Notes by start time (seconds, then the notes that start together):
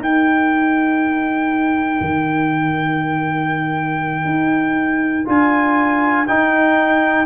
0.00 D#4 A#4 G5
2.01 D#3
4.25 D#4
5.26 D4 F4 G#5
6.28 D#4 G5